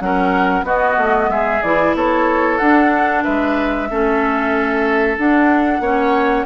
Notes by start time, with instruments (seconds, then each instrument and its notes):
0.00 bassoon F#3, clarinet C#4, oboe A#4, flute F#5
0.63 bassoon B3, clarinet B3, oboe F#4, flute D#5
0.97 bassoon A3
1.28 bassoon G#3, oboe G#4, flute E5
1.62 bassoon E3, clarinet E4, flute D5
1.94 bassoon B3, oboe A4, flute C#5
2.58 clarinet D4, bassoon D4, flute F#5
3.23 bassoon G#3, oboe B4, flute E5
3.90 bassoon A3, clarinet C#4, oboe A4
5.17 bassoon D4, clarinet D4, flute F#5
5.80 bassoon A#3, clarinet C#4, oboe C#5